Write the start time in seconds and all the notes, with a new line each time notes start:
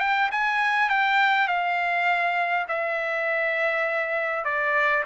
0.00 G5
0.32 G#5
0.89 G5
1.48 F5
2.68 E5
4.45 D5